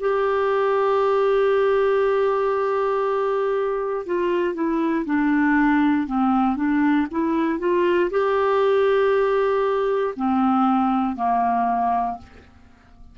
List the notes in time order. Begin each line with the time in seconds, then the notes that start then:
0.00 G4
4.06 F4
4.55 E4
5.06 D4
6.07 C4
6.56 D4
7.11 E4
7.59 F4
8.11 G4
10.16 C4
11.16 A#3